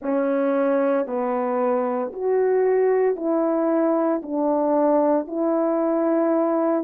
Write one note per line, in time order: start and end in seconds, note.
0.01 1.06 C#4
1.06 2.11 B3
2.12 3.16 F#4
3.16 4.21 E4
4.22 5.27 D4
5.27 6.83 E4